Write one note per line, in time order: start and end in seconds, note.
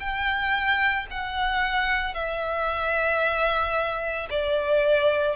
0.00 1.07 G5
1.11 2.15 F#5
2.15 4.29 E5
4.31 5.37 D5